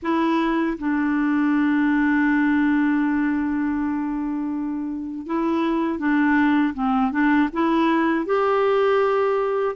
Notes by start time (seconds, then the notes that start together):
0.02 E4
0.78 D4
5.26 E4
5.98 D4
6.74 C4
7.11 D4
7.52 E4
8.25 G4